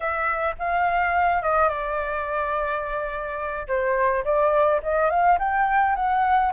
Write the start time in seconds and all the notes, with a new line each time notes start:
0.00 E5
0.58 F5
1.42 D#5
1.69 D5
3.67 C5
4.24 D5
4.82 D#5
5.10 F5
5.39 G5
5.95 F#5